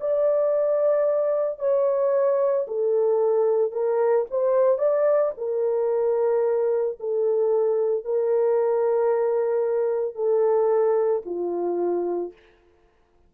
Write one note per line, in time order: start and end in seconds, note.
0.00 1.59 D5
1.59 2.66 C#5
2.67 3.72 A4
3.72 4.26 A#4
4.31 4.79 C5
4.79 5.32 D5
5.38 6.98 A#4
7.00 8.05 A4
8.05 10.15 A#4
10.15 11.22 A4
11.25 12.33 F4